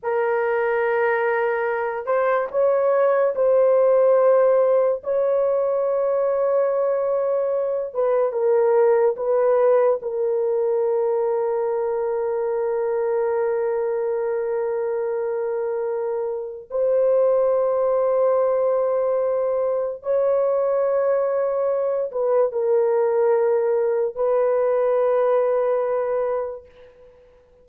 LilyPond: \new Staff \with { instrumentName = "horn" } { \time 4/4 \tempo 4 = 72 ais'2~ ais'8 c''8 cis''4 | c''2 cis''2~ | cis''4. b'8 ais'4 b'4 | ais'1~ |
ais'1 | c''1 | cis''2~ cis''8 b'8 ais'4~ | ais'4 b'2. | }